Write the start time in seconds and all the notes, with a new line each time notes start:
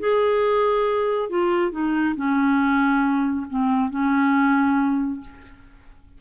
0.00 G#4
1.30 F4
1.72 D#4
2.16 C#4
3.50 C4
3.91 C#4